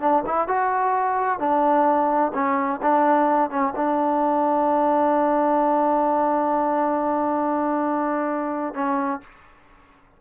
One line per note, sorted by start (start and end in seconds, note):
0.00 0.23 D4
0.26 0.48 E4
0.48 1.39 F#4
1.39 2.32 D4
2.34 2.80 C#4
2.82 3.50 D4
3.50 3.73 C#4
3.75 8.74 D4
8.74 9.21 C#4